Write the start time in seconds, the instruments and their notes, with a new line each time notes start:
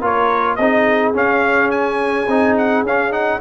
0.00 tuba A#3, trombone F4, horn A#4, trumpet C#5
0.55 tuba C4, trombone D#4, horn G#4, trumpet D#5
1.14 trombone C#4, tuba C#4, trumpet F5
1.70 trumpet G#5
2.27 tuba C4, trombone D#4
2.57 trumpet F#5
2.83 tuba C#4, trombone C#4, trumpet F5
3.11 trombone D#4, trumpet F#5